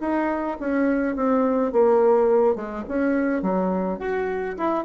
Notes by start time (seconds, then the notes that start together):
0.00 D#4
0.59 C#4
1.15 C4
1.72 A#3
2.55 G#3
2.88 C#4
3.42 F#3
3.99 F#4
4.57 E4